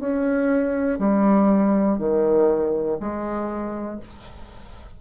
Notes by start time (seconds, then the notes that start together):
0.00 C#4
0.99 G3
1.98 D#3
3.00 G#3